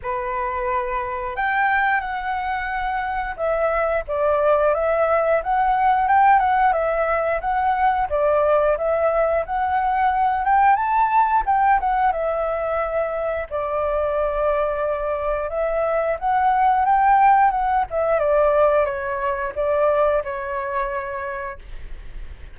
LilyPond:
\new Staff \with { instrumentName = "flute" } { \time 4/4 \tempo 4 = 89 b'2 g''4 fis''4~ | fis''4 e''4 d''4 e''4 | fis''4 g''8 fis''8 e''4 fis''4 | d''4 e''4 fis''4. g''8 |
a''4 g''8 fis''8 e''2 | d''2. e''4 | fis''4 g''4 fis''8 e''8 d''4 | cis''4 d''4 cis''2 | }